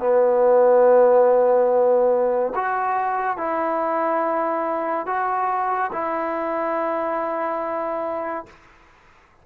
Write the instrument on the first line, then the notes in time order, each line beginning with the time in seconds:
trombone
0.00 B3
2.56 F#4
3.38 E4
5.07 F#4
5.93 E4